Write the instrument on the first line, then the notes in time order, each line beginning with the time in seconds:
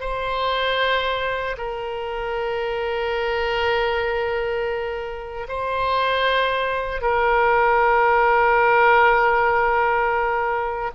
oboe
0.00 C5
1.57 A#4
5.48 C5
7.01 A#4